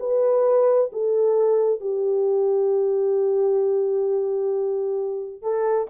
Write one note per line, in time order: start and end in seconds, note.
0.00 0.91 B4
0.93 1.81 A4
1.81 5.42 G4
5.42 5.88 A4